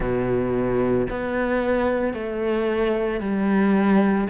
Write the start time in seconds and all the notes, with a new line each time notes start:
0.00 B2
1.10 B3
2.13 A3
3.20 G3